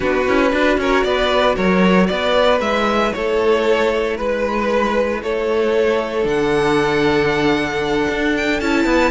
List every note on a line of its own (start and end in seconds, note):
0.00 0.27 B3
0.00 0.25 D4
0.00 0.51 F#4
0.00 0.78 B4
0.26 0.52 C#4
0.26 0.52 E4
0.52 0.77 D4
0.52 2.60 F#4
0.52 0.79 B4
0.77 1.03 C#4
0.77 1.06 A#4
0.77 1.03 C#5
1.03 1.56 B3
1.03 1.55 B4
1.03 1.55 D5
1.55 2.09 F#3
1.55 2.07 A#4
1.55 2.06 C#5
2.06 2.60 B3
2.06 3.15 B4
2.06 2.58 D5
2.60 3.12 G#3
2.60 6.21 E4
2.60 3.12 E5
3.12 4.18 A3
3.12 4.16 A4
3.12 4.17 C#5
4.16 5.22 G#3
4.16 5.21 B4
4.16 5.22 B4
5.22 6.24 A3
5.22 8.86 A4
5.22 6.27 C#5
6.21 8.07 D3
6.21 8.56 D4
6.21 8.36 F#5
8.09 8.61 D4
8.36 8.60 G5
8.60 8.85 C#4
8.60 9.11 E4
8.60 9.11 A5
8.85 9.11 B3
8.85 9.11 B4